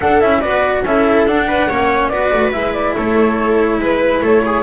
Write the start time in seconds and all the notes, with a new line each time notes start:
0.00 D4 A4 F#5
0.20 C#4 E4 E5
0.40 B3 F#4 B4 D5
0.83 C#4 E4 A4 E5
1.25 D4 F#5
1.47 B4
1.68 A#3 C#4 C#5
2.08 B3 F#4 B4 D5
2.33 A3
2.52 G#3 E4 E5
2.73 D5
2.97 A3 A4 C#5
3.78 G#3 B4
4.21 A3 A4 C#5
4.45 G#4